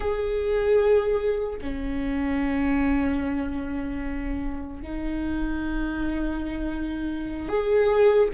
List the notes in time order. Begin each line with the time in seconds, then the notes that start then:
0.00 G#4
1.61 C#4
4.82 D#4
7.48 G#4